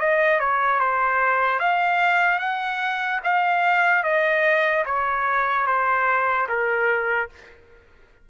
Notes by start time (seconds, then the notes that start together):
0.00 D#5
0.40 C#5
0.80 C5
1.60 F5
2.39 F#5
3.24 F5
4.04 D#5
4.86 C#5
5.67 C5
6.49 A#4